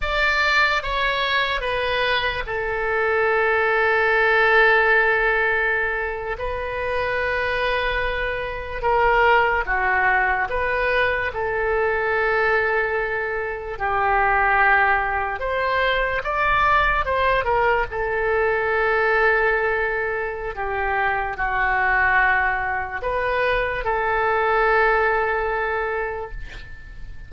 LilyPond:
\new Staff \with { instrumentName = "oboe" } { \time 4/4 \tempo 4 = 73 d''4 cis''4 b'4 a'4~ | a'2.~ a'8. b'16~ | b'2~ b'8. ais'4 fis'16~ | fis'8. b'4 a'2~ a'16~ |
a'8. g'2 c''4 d''16~ | d''8. c''8 ais'8 a'2~ a'16~ | a'4 g'4 fis'2 | b'4 a'2. | }